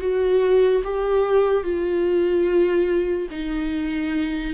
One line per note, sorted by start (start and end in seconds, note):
0.00 0.82 F#4
0.84 1.63 G4
1.63 3.28 F4
3.30 4.54 D#4